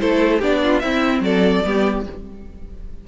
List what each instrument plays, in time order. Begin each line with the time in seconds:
0.00 cello A3, viola E4, violin A4 C5
0.38 cello B3, viola D4, violin G4 D5
0.63 violin F4
0.79 viola C4, cello C4, violin E4 E5
1.20 cello F#3, violin A4 D5
1.64 cello G3, viola B3, violin G4